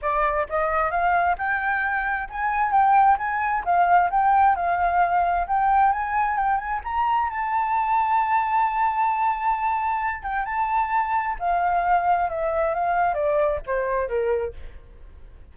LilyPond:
\new Staff \with { instrumentName = "flute" } { \time 4/4 \tempo 4 = 132 d''4 dis''4 f''4 g''4~ | g''4 gis''4 g''4 gis''4 | f''4 g''4 f''2 | g''4 gis''4 g''8 gis''8 ais''4 |
a''1~ | a''2~ a''8 g''8 a''4~ | a''4 f''2 e''4 | f''4 d''4 c''4 ais'4 | }